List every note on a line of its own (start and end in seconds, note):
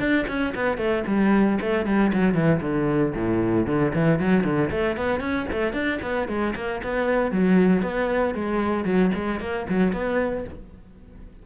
0.00 0.26 D4
0.28 0.54 C#4
0.55 0.78 B3
0.78 1.04 A3
1.07 1.59 G3
1.61 1.86 A3
1.86 2.12 G3
2.13 2.35 F#3
2.35 2.61 E3
2.61 3.14 D3
3.15 3.67 A2
3.67 3.93 D3
3.95 4.20 E3
4.20 4.44 F#3
4.44 4.71 D3
4.71 4.97 A3
4.97 5.21 B3
5.21 5.47 C#4
5.52 5.73 A3
5.73 6.00 D4
6.02 6.28 B3
6.28 6.55 G#3
6.56 6.82 A#3
6.84 7.32 B3
7.32 7.83 F#3
7.83 8.35 B3
8.35 8.85 G#3
8.85 9.11 F#3
9.15 9.41 G#3
9.41 9.67 A#3
9.70 9.93 F#3
9.93 10.45 B3